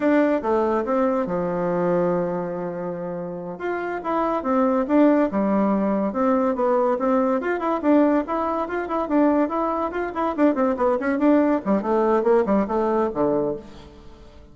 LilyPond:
\new Staff \with { instrumentName = "bassoon" } { \time 4/4 \tempo 4 = 142 d'4 a4 c'4 f4~ | f1~ | f8 f'4 e'4 c'4 d'8~ | d'8 g2 c'4 b8~ |
b8 c'4 f'8 e'8 d'4 e'8~ | e'8 f'8 e'8 d'4 e'4 f'8 | e'8 d'8 c'8 b8 cis'8 d'4 g8 | a4 ais8 g8 a4 d4 | }